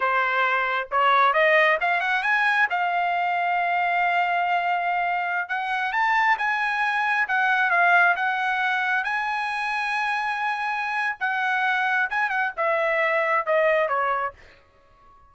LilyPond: \new Staff \with { instrumentName = "trumpet" } { \time 4/4 \tempo 4 = 134 c''2 cis''4 dis''4 | f''8 fis''8 gis''4 f''2~ | f''1~ | f''16 fis''4 a''4 gis''4.~ gis''16~ |
gis''16 fis''4 f''4 fis''4.~ fis''16~ | fis''16 gis''2.~ gis''8.~ | gis''4 fis''2 gis''8 fis''8 | e''2 dis''4 cis''4 | }